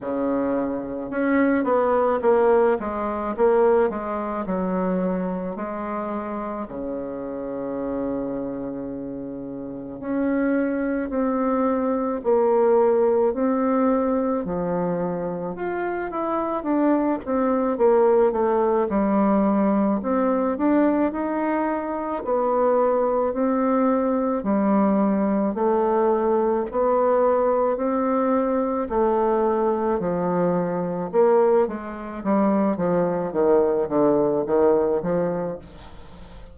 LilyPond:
\new Staff \with { instrumentName = "bassoon" } { \time 4/4 \tempo 4 = 54 cis4 cis'8 b8 ais8 gis8 ais8 gis8 | fis4 gis4 cis2~ | cis4 cis'4 c'4 ais4 | c'4 f4 f'8 e'8 d'8 c'8 |
ais8 a8 g4 c'8 d'8 dis'4 | b4 c'4 g4 a4 | b4 c'4 a4 f4 | ais8 gis8 g8 f8 dis8 d8 dis8 f8 | }